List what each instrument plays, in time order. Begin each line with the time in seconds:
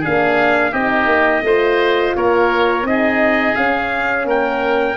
0.00 horn D4, oboe G#4, trumpet F5
0.07 tuba A#3
0.71 tuba C4, horn D#4, oboe G4, trumpet D#5
1.06 tuba A#3
1.43 tuba A3, horn F4, oboe C5
2.16 tuba A#3, oboe A#4, trumpet C#5
2.82 tuba C4, horn D#4, trumpet D#5
2.89 oboe G#4
3.55 horn C#4, tuba C#4, trumpet F5
4.25 tuba A#3, oboe A#4, trumpet G5